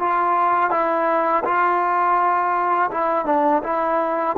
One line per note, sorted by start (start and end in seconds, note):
0.00 0.71 F4
0.71 1.44 E4
1.45 2.91 F4
2.91 3.26 E4
3.26 3.63 D4
3.64 4.37 E4